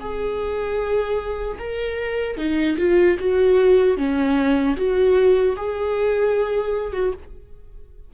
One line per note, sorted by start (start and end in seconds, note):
0.00 1.58 G#4
1.59 2.37 A#4
2.37 2.77 D#4
2.78 3.17 F4
3.19 3.97 F#4
3.97 4.76 C#4
4.77 5.56 F#4
5.56 6.93 G#4
6.93 7.13 F#4